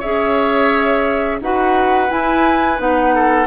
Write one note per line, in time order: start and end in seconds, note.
0.00 1.41 C#4
0.00 1.41 G#4
0.00 1.38 C#5
0.00 1.40 E5
1.41 2.10 D#4
1.41 2.09 F#4
1.41 3.15 B4
1.41 2.11 F#5
2.09 2.78 E4
2.09 2.80 E4
2.09 2.80 G#5
2.78 3.47 B3
2.78 3.47 D#4
2.78 3.47 F#5
3.15 3.47 A4